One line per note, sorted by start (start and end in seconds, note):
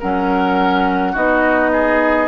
0.00 1.15 F#3
0.00 1.15 C#4
0.00 1.12 A#4
0.00 1.16 F#5
1.12 2.27 B3
1.12 2.27 D#4
1.12 1.70 F#4
1.12 2.27 D#5
1.73 2.27 G#4